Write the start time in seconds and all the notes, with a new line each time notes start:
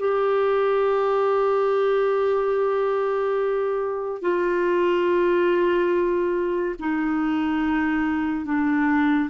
0.00 G4
4.22 F4
6.80 D#4
8.45 D4